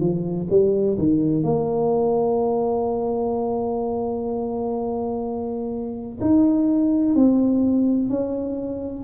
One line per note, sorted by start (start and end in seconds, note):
0.00 0.48 F3
0.50 0.98 G3
0.98 1.43 D#3
1.43 6.19 A#3
6.21 7.15 D#4
7.15 8.09 C4
8.09 9.04 C#4